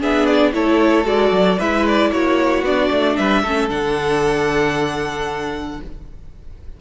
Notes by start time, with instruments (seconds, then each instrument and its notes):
0.00 cello B3, viola D4, violin G#4 E5
0.27 violin D5
0.54 cello A3, viola E4, violin A4 C#5
1.05 cello G#3, viola F#4, violin D5
1.31 cello F#3
1.58 cello G#3, viola E4, violin B4 E5
1.87 violin D5
2.12 cello A#3, violin F#4 C#5
2.63 cello B3, viola D4, violin D5
2.91 cello A3
3.17 cello G3, violin B4 E5
3.43 cello A3, viola C#4, violin A4
3.70 cello D3, viola D4, violin F#5